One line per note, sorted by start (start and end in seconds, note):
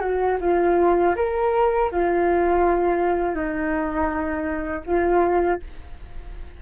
0.00 0.37 F#4
0.41 1.15 F4
1.16 1.90 A#4
1.91 3.35 F4
3.35 4.83 D#4
4.86 5.60 F4